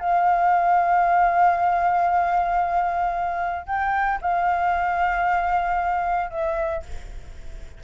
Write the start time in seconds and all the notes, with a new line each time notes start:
0.00 F5
3.67 G5
4.22 F5
6.31 E5